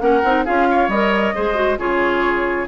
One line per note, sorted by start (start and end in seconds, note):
0.00 0.23 A#3
0.00 0.22 C#4
0.00 0.45 A#4
0.00 0.45 F#5
0.24 0.46 C4
0.24 0.46 D#4
0.45 0.88 C#4
0.45 0.91 F4
0.45 0.67 G#4
0.45 0.90 F5
0.71 1.35 C#5
0.88 1.33 G3
0.88 1.36 A#4
0.88 1.78 D#5
1.35 1.79 G#3
1.35 1.55 G#4
1.35 1.79 C5
1.55 1.77 F#4
1.79 2.68 C#3
1.79 2.68 F4
1.79 2.68 G#4
1.79 2.68 C#5